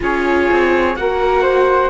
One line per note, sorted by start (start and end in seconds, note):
0.00 0.49 C#4
0.00 0.95 F4
0.00 0.97 G#4
0.00 0.95 C#5
0.51 0.96 C4
0.95 1.89 A#3
0.95 1.89 F#4
0.95 1.41 A#4
0.95 1.89 F#5
1.41 1.89 C5